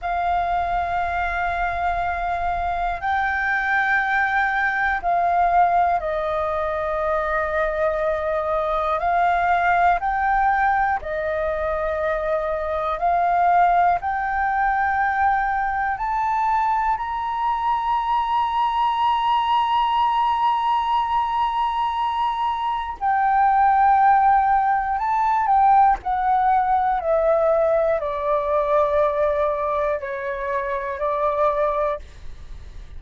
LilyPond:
\new Staff \with { instrumentName = "flute" } { \time 4/4 \tempo 4 = 60 f''2. g''4~ | g''4 f''4 dis''2~ | dis''4 f''4 g''4 dis''4~ | dis''4 f''4 g''2 |
a''4 ais''2.~ | ais''2. g''4~ | g''4 a''8 g''8 fis''4 e''4 | d''2 cis''4 d''4 | }